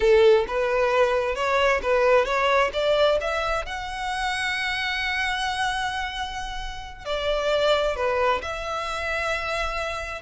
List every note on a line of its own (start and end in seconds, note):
0.00 0.45 A4
0.47 1.35 B4
1.35 1.80 C#5
1.82 2.25 B4
2.25 2.70 C#5
2.73 3.18 D5
3.20 3.65 E5
3.65 7.05 F#5
7.05 7.95 D5
7.96 8.41 B4
8.42 10.21 E5